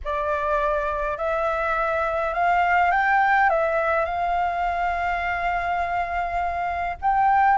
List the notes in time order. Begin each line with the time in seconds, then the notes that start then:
0.04 D5
1.17 E5
2.34 F5
2.91 G5
3.49 E5
4.05 F5
7.01 G5